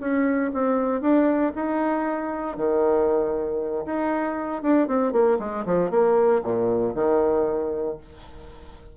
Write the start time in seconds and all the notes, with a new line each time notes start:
0.00 C#4
0.53 C4
1.01 D4
1.55 D#4
2.57 D#3
3.85 D#4
4.62 D4
4.87 C4
5.12 A#3
5.39 G#3
5.65 F3
5.90 A#3
6.43 A#2
6.95 D#3